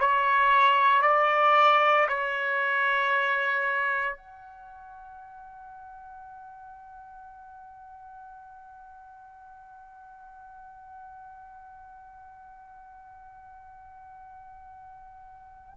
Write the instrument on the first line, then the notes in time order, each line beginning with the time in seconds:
trumpet
0.00 C#5
1.02 D5
2.09 C#5
4.17 F#5